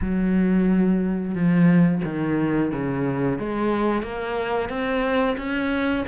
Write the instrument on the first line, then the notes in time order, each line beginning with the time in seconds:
cello
0.01 F#3
1.34 F3
2.04 D#3
2.72 C#3
3.38 G#3
4.02 A#3
4.69 C4
5.37 C#4